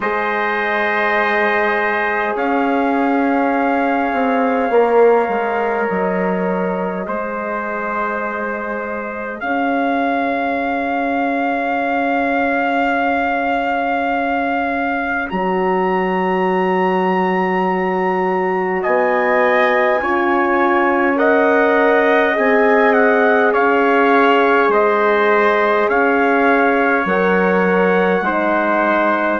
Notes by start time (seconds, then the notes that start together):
0.00 G#3 G#4 C5 D#5
2.35 C#4 C#5 F5
4.12 C4
4.69 A#3 A#4
5.28 G#3
5.89 F#3 D#5
7.03 G#3 G#4 C5
9.40 C#4 C#5 F5
15.29 F#3 F#4 A#5
18.82 B3 D#5 G#5
20.01 C#4 F4 C#5
21.16 A#4 D#5 F#5
22.33 C4 G#4 G#5
22.93 F#5
23.53 C#4 C#5 F5
24.68 G#3 C5 D#5
25.88 C#4 C#5 F5
27.05 F#3 A#4 F#5
28.20 G#3 D#4 C5